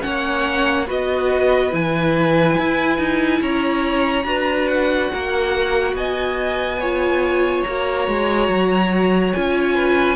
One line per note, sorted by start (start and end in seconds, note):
0.00 0.89 A#3
0.00 0.85 C#4
0.00 0.86 C#5
0.00 0.86 F#5
0.86 1.73 B3
0.86 1.70 F#4
0.86 3.39 B4
0.86 1.74 D#5
1.70 2.57 E3
1.70 4.24 E4
1.70 3.42 G#5
2.58 2.98 E4
2.98 3.40 D#4
3.41 4.24 C#4
3.41 4.26 C#5
3.41 4.67 A#5
4.24 5.09 D4
4.24 6.78 F#4
4.24 5.11 B4
4.67 5.94 F#5
5.12 5.93 A#3
5.12 5.97 A#4
5.93 7.62 B3
5.93 6.80 D#5
5.93 7.63 G#5
6.80 7.67 F4
6.80 9.74 C#5
7.63 8.07 A#3
7.63 9.34 F#4
7.63 9.32 A#5
8.07 8.48 G#3
8.48 9.33 F#3
9.33 10.16 C#4
9.33 10.16 F4
9.33 10.16 G#5
9.74 10.16 B4